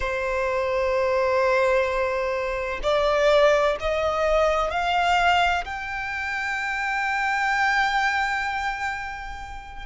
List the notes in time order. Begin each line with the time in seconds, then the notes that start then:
0.00 C5
2.82 D5
3.80 D#5
4.70 F5
5.65 G5